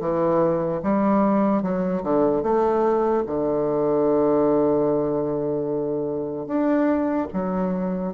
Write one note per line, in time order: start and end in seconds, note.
0.00 0.81 E3
0.83 1.62 G3
1.62 2.03 F#3
2.03 2.43 D3
2.43 3.24 A3
3.26 6.46 D3
6.46 7.28 D4
7.33 8.13 F#3